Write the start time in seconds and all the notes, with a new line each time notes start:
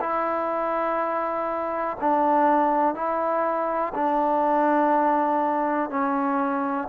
0.00 E4
2.00 D4
2.94 E4
3.94 D4
5.90 C#4